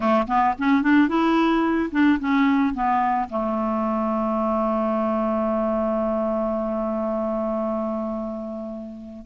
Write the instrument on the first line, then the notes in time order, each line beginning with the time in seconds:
clarinet
0.00 A3
0.27 B3
0.58 C#4
0.82 D4
1.08 E4
1.91 D4
2.19 C#4
2.74 B3
3.29 A3